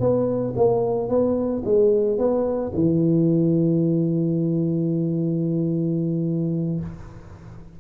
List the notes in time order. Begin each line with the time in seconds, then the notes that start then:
0.00 B3
0.57 A#3
1.09 B3
1.65 G#3
2.18 B3
2.75 E3